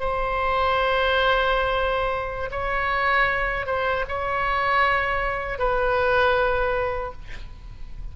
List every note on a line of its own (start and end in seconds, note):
0.00 2.50 C5
2.51 3.66 C#5
3.66 4.05 C5
4.08 5.59 C#5
5.59 7.13 B4